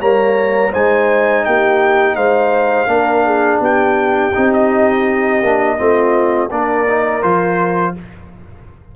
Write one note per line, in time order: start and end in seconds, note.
0.00 0.73 G3
0.00 0.72 A#3
0.00 0.72 C#5
0.00 0.73 A#5
0.72 1.46 G#3
0.72 2.87 D#4
0.72 1.44 C5
0.72 1.45 G#5
1.45 2.16 A#3
1.45 2.16 G4
1.45 2.16 G5
2.16 2.87 G#3
2.16 2.88 C5
2.16 3.60 F5
2.87 3.59 A#3
2.87 4.32 D4
2.87 3.25 A#4
3.25 3.61 G#4
3.60 4.32 B3
3.60 5.78 G4
3.60 4.53 G5
4.35 5.42 C4
4.35 5.43 D#4
4.53 6.51 D#5
5.42 5.78 A#3
5.42 5.78 D4
5.78 6.51 A3
5.78 6.50 C4
5.78 6.50 F4
6.50 7.23 A#3
6.50 6.87 D4
6.50 7.95 A#4
6.50 7.23 D5
6.88 7.23 D#4
7.23 7.96 F3
7.23 7.95 F4
7.23 7.95 C5